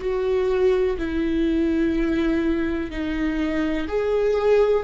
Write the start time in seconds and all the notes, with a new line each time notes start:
0.00 F#4
0.98 E4
2.91 D#4
3.88 G#4